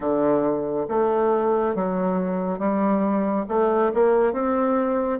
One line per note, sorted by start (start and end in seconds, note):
0.00 0.87 D3
0.88 1.75 A3
1.75 2.58 F#3
2.58 3.45 G3
3.48 3.92 A3
3.94 4.32 A#3
4.32 5.19 C4